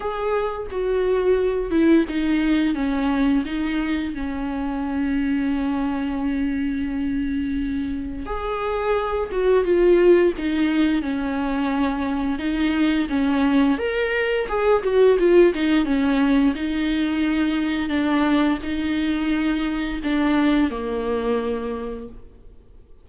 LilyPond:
\new Staff \with { instrumentName = "viola" } { \time 4/4 \tempo 4 = 87 gis'4 fis'4. e'8 dis'4 | cis'4 dis'4 cis'2~ | cis'1 | gis'4. fis'8 f'4 dis'4 |
cis'2 dis'4 cis'4 | ais'4 gis'8 fis'8 f'8 dis'8 cis'4 | dis'2 d'4 dis'4~ | dis'4 d'4 ais2 | }